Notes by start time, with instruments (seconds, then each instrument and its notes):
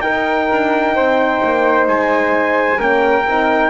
0.00 horn D#4, double bass D#4, flute A#4, trumpet G5
0.51 double bass D4
0.95 double bass C4, flute C5
1.43 double bass A#3
1.87 double bass G#3, trumpet G#5
2.78 double bass A#3, horn C#4, flute A#4, trumpet G5
3.26 double bass C4, horn D#4